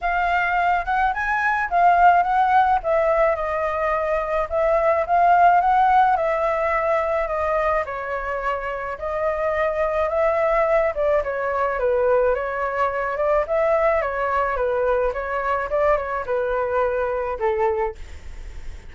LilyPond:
\new Staff \with { instrumentName = "flute" } { \time 4/4 \tempo 4 = 107 f''4. fis''8 gis''4 f''4 | fis''4 e''4 dis''2 | e''4 f''4 fis''4 e''4~ | e''4 dis''4 cis''2 |
dis''2 e''4. d''8 | cis''4 b'4 cis''4. d''8 | e''4 cis''4 b'4 cis''4 | d''8 cis''8 b'2 a'4 | }